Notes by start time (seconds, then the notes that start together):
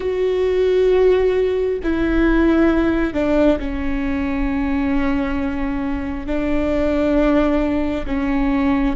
0.00 F#4
1.83 E4
3.13 D4
3.59 C#4
6.26 D4
8.06 C#4